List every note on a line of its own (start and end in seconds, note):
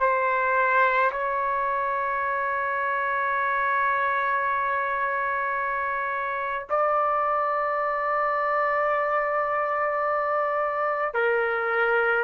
0.00 1.11 C5
1.12 6.67 C#5
6.70 11.14 D5
11.14 12.24 A#4